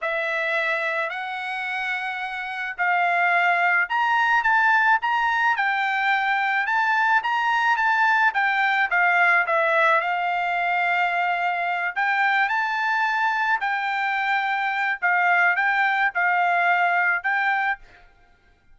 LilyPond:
\new Staff \with { instrumentName = "trumpet" } { \time 4/4 \tempo 4 = 108 e''2 fis''2~ | fis''4 f''2 ais''4 | a''4 ais''4 g''2 | a''4 ais''4 a''4 g''4 |
f''4 e''4 f''2~ | f''4. g''4 a''4.~ | a''8 g''2~ g''8 f''4 | g''4 f''2 g''4 | }